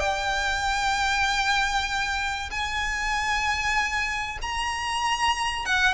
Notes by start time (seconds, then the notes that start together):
0.00 G5
2.51 G#5
4.42 A#5
5.65 F#5